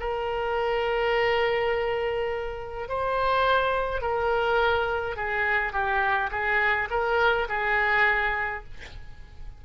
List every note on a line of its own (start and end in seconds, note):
0.00 2.88 A#4
2.88 4.01 C5
4.01 5.16 A#4
5.16 5.72 G#4
5.72 6.30 G4
6.31 6.89 G#4
6.90 7.48 A#4
7.48 8.64 G#4